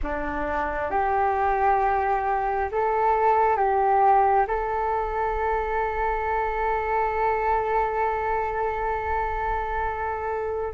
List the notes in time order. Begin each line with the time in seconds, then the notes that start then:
0.03 D4
0.90 G4
2.71 A4
3.56 G4
4.47 A4